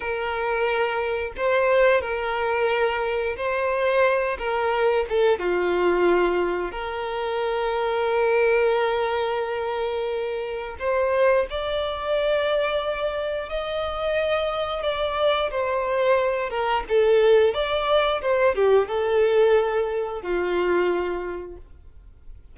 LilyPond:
\new Staff \with { instrumentName = "violin" } { \time 4/4 \tempo 4 = 89 ais'2 c''4 ais'4~ | ais'4 c''4. ais'4 a'8 | f'2 ais'2~ | ais'1 |
c''4 d''2. | dis''2 d''4 c''4~ | c''8 ais'8 a'4 d''4 c''8 g'8 | a'2 f'2 | }